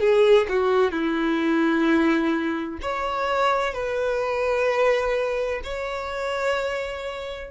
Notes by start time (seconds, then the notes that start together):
0.00 G#4
0.49 F#4
0.92 E4
2.82 C#5
3.74 B4
5.64 C#5